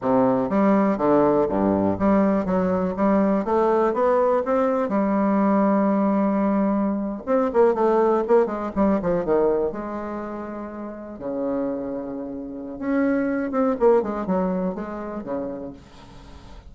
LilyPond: \new Staff \with { instrumentName = "bassoon" } { \time 4/4 \tempo 4 = 122 c4 g4 d4 g,4 | g4 fis4 g4 a4 | b4 c'4 g2~ | g2~ g8. c'8 ais8 a16~ |
a8. ais8 gis8 g8 f8 dis4 gis16~ | gis2~ gis8. cis4~ cis16~ | cis2 cis'4. c'8 | ais8 gis8 fis4 gis4 cis4 | }